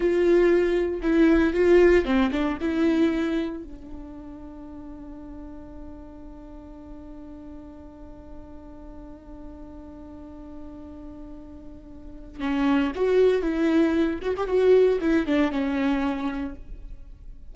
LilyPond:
\new Staff \with { instrumentName = "viola" } { \time 4/4 \tempo 4 = 116 f'2 e'4 f'4 | c'8 d'8 e'2 d'4~ | d'1~ | d'1~ |
d'1~ | d'1 | cis'4 fis'4 e'4. fis'16 g'16 | fis'4 e'8 d'8 cis'2 | }